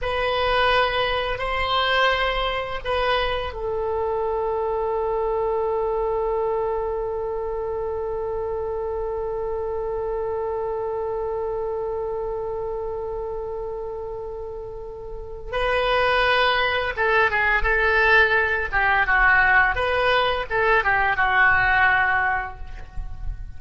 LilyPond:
\new Staff \with { instrumentName = "oboe" } { \time 4/4 \tempo 4 = 85 b'2 c''2 | b'4 a'2.~ | a'1~ | a'1~ |
a'1~ | a'2 b'2 | a'8 gis'8 a'4. g'8 fis'4 | b'4 a'8 g'8 fis'2 | }